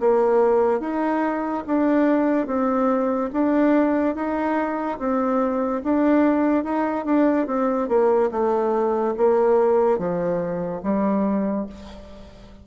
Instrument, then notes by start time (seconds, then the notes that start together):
bassoon
0.00 A#3
0.80 D#4
1.67 D4
2.47 C4
3.33 D4
4.15 D#4
4.98 C4
5.83 D4
6.64 D#4
7.05 D4
7.47 C4
7.88 A#3
8.31 A3
9.17 A#3
9.98 F3
10.83 G3